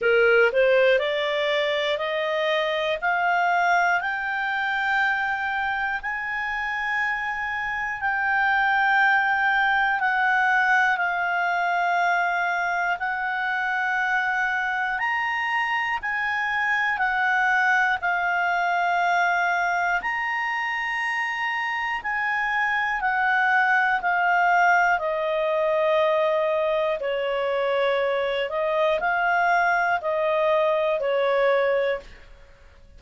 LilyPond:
\new Staff \with { instrumentName = "clarinet" } { \time 4/4 \tempo 4 = 60 ais'8 c''8 d''4 dis''4 f''4 | g''2 gis''2 | g''2 fis''4 f''4~ | f''4 fis''2 ais''4 |
gis''4 fis''4 f''2 | ais''2 gis''4 fis''4 | f''4 dis''2 cis''4~ | cis''8 dis''8 f''4 dis''4 cis''4 | }